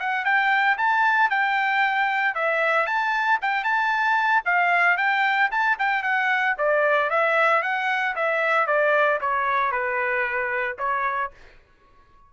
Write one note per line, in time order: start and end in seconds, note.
0.00 0.25 F#5
0.25 0.78 G5
0.78 1.31 A5
1.31 2.35 G5
2.35 2.87 E5
2.87 3.39 A5
3.42 3.65 G5
3.65 4.44 A5
4.46 4.98 F5
4.98 5.50 G5
5.52 5.78 A5
5.79 6.03 G5
6.03 6.56 F#5
6.58 7.11 D5
7.11 7.63 E5
7.63 8.16 F#5
8.16 8.67 E5
8.67 9.20 D5
9.21 9.72 C#5
9.72 10.78 B4
10.79 11.32 C#5